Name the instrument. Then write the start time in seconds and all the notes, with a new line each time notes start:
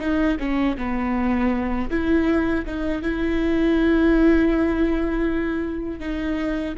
viola
0.00 D#4
0.40 C#4
0.78 B3
1.91 E4
2.66 D#4
3.02 E4
6.00 D#4